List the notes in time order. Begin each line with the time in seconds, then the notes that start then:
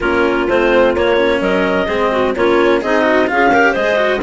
0.00 A#3 C#4 F4 A#4
0.48 A3 C4 C5
0.95 A#3 C#5
1.16 C#4
1.40 F#3 A#4 D#5
1.86 G#3 C4 G#4
2.11 F#4
2.35 A#3 C#4 F4 C#5
2.81 C4 D#4 G#4 D#5
3.02 F#4
3.26 C#4 F4 G#4 F5
3.51 G4 A#4
3.72 G#3 G#4 C5 D#5
3.96 F#4